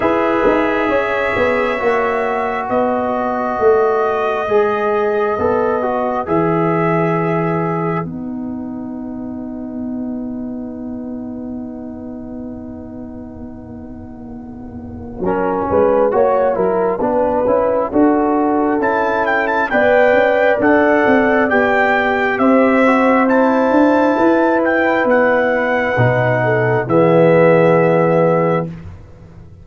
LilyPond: <<
  \new Staff \with { instrumentName = "trumpet" } { \time 4/4 \tempo 4 = 67 e''2. dis''4~ | dis''2. e''4~ | e''4 fis''2.~ | fis''1~ |
fis''1~ | fis''4 a''8 g''16 a''16 g''4 fis''4 | g''4 e''4 a''4. g''8 | fis''2 e''2 | }
  \new Staff \with { instrumentName = "horn" } { \time 4/4 b'4 cis''2 b'4~ | b'1~ | b'1~ | b'1~ |
b'4 ais'8 b'8 cis''8 ais'8 b'4 | a'2 d''2~ | d''4 c''2 b'4~ | b'4. a'8 gis'2 | }
  \new Staff \with { instrumentName = "trombone" } { \time 4/4 gis'2 fis'2~ | fis'4 gis'4 a'8 fis'8 gis'4~ | gis'4 dis'2.~ | dis'1~ |
dis'4 cis'4 fis'8 e'8 d'8 e'8 | fis'4 e'4 b'4 a'4 | g'4. fis'8 e'2~ | e'4 dis'4 b2 | }
  \new Staff \with { instrumentName = "tuba" } { \time 4/4 e'8 dis'8 cis'8 b8 ais4 b4 | a4 gis4 b4 e4~ | e4 b2.~ | b1~ |
b4 fis8 gis8 ais8 fis8 b8 cis'8 | d'4 cis'4 b8 cis'8 d'8 c'8 | b4 c'4. d'8 e'4 | b4 b,4 e2 | }
>>